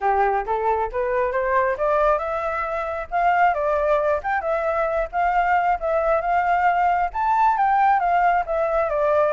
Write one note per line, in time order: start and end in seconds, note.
0.00 0.45 G4
0.45 0.90 A4
0.92 1.32 B4
1.32 1.76 C5
1.77 2.18 D5
2.18 3.07 E5
3.10 3.53 F5
3.53 4.20 D5
4.23 4.41 G5
4.41 5.07 E5
5.12 5.78 F5
5.80 6.21 E5
6.21 7.10 F5
7.13 7.57 A5
7.57 7.99 G5
7.99 8.44 F5
8.46 8.89 E5
8.89 9.32 D5